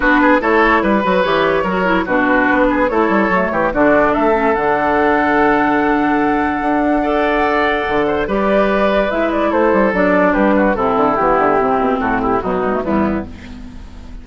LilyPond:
<<
  \new Staff \with { instrumentName = "flute" } { \time 4/4 \tempo 4 = 145 b'4 cis''4 b'4 cis''4~ | cis''4 b'2 cis''4~ | cis''4 d''4 e''4 fis''4~ | fis''1~ |
fis''1 | d''2 e''8 d''8 c''4 | d''4 b'4 a'4 g'4~ | g'4 a'8 g'8 fis'4 e'4 | }
  \new Staff \with { instrumentName = "oboe" } { \time 4/4 fis'8 gis'8 a'4 b'2 | ais'4 fis'4. gis'8 a'4~ | a'8 g'8 fis'4 a'2~ | a'1~ |
a'4 d''2~ d''8 c''8 | b'2. a'4~ | a'4 g'8 fis'8 e'2~ | e'4 fis'8 e'8 dis'4 b4 | }
  \new Staff \with { instrumentName = "clarinet" } { \time 4/4 d'4 e'4. fis'8 g'4 | fis'8 e'8 d'2 e'4 | a4 d'4. cis'8 d'4~ | d'1~ |
d'4 a'2. | g'2 e'2 | d'2 c'4 b4 | c'2 fis8 g16 a16 g4 | }
  \new Staff \with { instrumentName = "bassoon" } { \time 4/4 b4 a4 g8 fis8 e4 | fis4 b,4 b4 a8 g8 | fis8 e8 d4 a4 d4~ | d1 |
d'2. d4 | g2 gis4 a8 g8 | fis4 g4 c8 d8 e8 d8 | c8 b,8 a,4 b,4 e,4 | }
>>